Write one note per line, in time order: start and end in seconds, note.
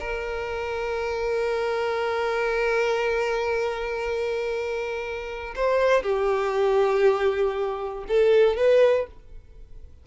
0.00 5.55 A#4
5.56 6.03 C5
6.03 8.04 G4
8.08 8.56 A4
8.56 9.07 B4